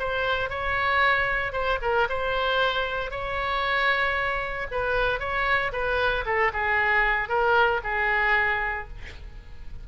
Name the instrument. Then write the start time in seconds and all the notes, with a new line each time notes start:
oboe
0.00 C5
0.50 C#5
1.53 C5
1.82 A#4
2.10 C5
3.11 C#5
4.72 B4
5.20 C#5
5.73 B4
6.26 A4
6.54 G#4
7.29 A#4
7.84 G#4